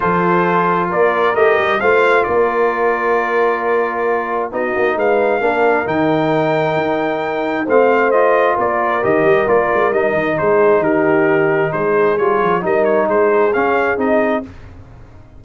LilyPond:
<<
  \new Staff \with { instrumentName = "trumpet" } { \time 4/4 \tempo 4 = 133 c''2 d''4 dis''4 | f''4 d''2.~ | d''2 dis''4 f''4~ | f''4 g''2.~ |
g''4 f''4 dis''4 d''4 | dis''4 d''4 dis''4 c''4 | ais'2 c''4 cis''4 | dis''8 cis''8 c''4 f''4 dis''4 | }
  \new Staff \with { instrumentName = "horn" } { \time 4/4 a'2 ais'2 | c''4 ais'2.~ | ais'2 fis'4 b'4 | ais'1~ |
ais'4 c''2 ais'4~ | ais'2. gis'4 | g'2 gis'2 | ais'4 gis'2. | }
  \new Staff \with { instrumentName = "trombone" } { \time 4/4 f'2. g'4 | f'1~ | f'2 dis'2 | d'4 dis'2.~ |
dis'4 c'4 f'2 | g'4 f'4 dis'2~ | dis'2. f'4 | dis'2 cis'4 dis'4 | }
  \new Staff \with { instrumentName = "tuba" } { \time 4/4 f2 ais4 a8 g8 | a4 ais2.~ | ais2 b8 ais8 gis4 | ais4 dis2 dis'4~ |
dis'4 a2 ais4 | dis8 g8 ais8 gis8 g8 dis8 gis4 | dis2 gis4 g8 f8 | g4 gis4 cis'4 c'4 | }
>>